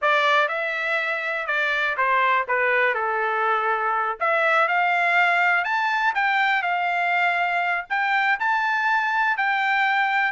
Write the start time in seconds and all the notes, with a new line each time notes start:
0.01 D5
0.48 E5
1.46 D5
1.97 C5
2.47 B4
2.94 A4
4.20 E5
4.67 F5
5.64 A5
6.14 G5
6.62 F5
7.89 G5
8.39 A5
9.37 G5